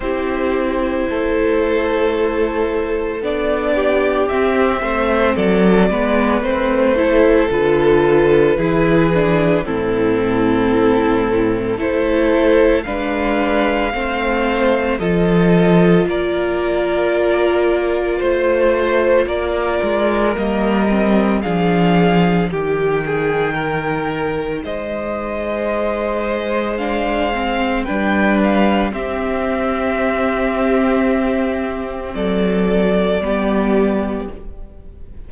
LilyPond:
<<
  \new Staff \with { instrumentName = "violin" } { \time 4/4 \tempo 4 = 56 c''2. d''4 | e''4 d''4 c''4 b'4~ | b'4 a'2 c''4 | f''2 dis''4 d''4~ |
d''4 c''4 d''4 dis''4 | f''4 g''2 dis''4~ | dis''4 f''4 g''8 f''8 e''4~ | e''2 d''2 | }
  \new Staff \with { instrumentName = "violin" } { \time 4/4 g'4 a'2~ a'8 g'8~ | g'8 c''8 a'8 b'4 a'4. | gis'4 e'2 a'4 | b'4 c''4 a'4 ais'4~ |
ais'4 c''4 ais'2 | gis'4 g'8 gis'8 ais'4 c''4~ | c''2 b'4 g'4~ | g'2 a'4 g'4 | }
  \new Staff \with { instrumentName = "viola" } { \time 4/4 e'2. d'4 | c'4. b8 c'8 e'8 f'4 | e'8 d'8 c'2 e'4 | d'4 c'4 f'2~ |
f'2. ais8 c'8 | d'4 dis'2.~ | dis'4 d'8 c'8 d'4 c'4~ | c'2. b4 | }
  \new Staff \with { instrumentName = "cello" } { \time 4/4 c'4 a2 b4 | c'8 a8 fis8 gis8 a4 d4 | e4 a,2 a4 | gis4 a4 f4 ais4~ |
ais4 a4 ais8 gis8 g4 | f4 dis2 gis4~ | gis2 g4 c'4~ | c'2 fis4 g4 | }
>>